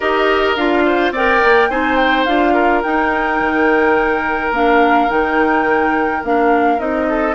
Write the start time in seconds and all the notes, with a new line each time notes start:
0.00 D#4 G4 A#4 D#5
0.55 D4 F4 F5
0.85 C5
1.11 C4 A#4 D5 G5
1.44 A#3
1.70 C4 D#4 C5 G#5
1.96 G5
2.24 D4 F4 F5
2.54 A#4
2.82 D#4 G5
3.40 D#3
4.51 A#3 D4 F5
5.09 D#3 D#4 G5
6.22 A#3 D4 F5
6.78 C4 D#4 D#5
7.08 A4